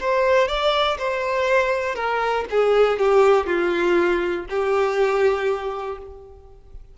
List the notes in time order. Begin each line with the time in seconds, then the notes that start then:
0.00 C5
0.48 D5
0.98 C5
1.95 A#4
2.50 G#4
2.99 G4
3.46 F4
4.49 G4